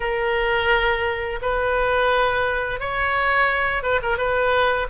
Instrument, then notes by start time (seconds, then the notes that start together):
oboe
0.00 A#4
1.41 B4
2.79 C#5
3.82 B4
4.02 A#4
4.17 B4